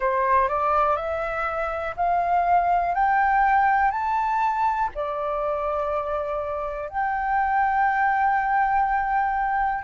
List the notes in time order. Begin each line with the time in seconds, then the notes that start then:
0.00 C5
0.48 D5
0.96 E5
1.96 F5
2.94 G5
3.91 A5
4.94 D5
6.89 G5